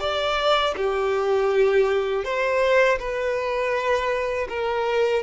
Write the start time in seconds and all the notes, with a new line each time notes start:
0.00 D5
0.77 G4
2.24 C5
2.99 B4
4.49 A#4